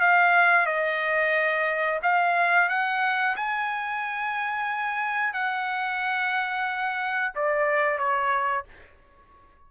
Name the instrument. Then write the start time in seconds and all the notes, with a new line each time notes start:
trumpet
0.00 F5
0.66 D#5
2.02 F5
2.69 F#5
3.36 G#5
5.33 F#5
7.35 D5
7.98 C#5